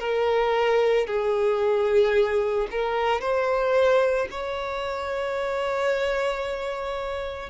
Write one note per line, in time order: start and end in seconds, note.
0.00 1.07 A#4
1.07 2.68 G#4
2.71 3.21 A#4
3.21 4.28 C5
4.31 7.50 C#5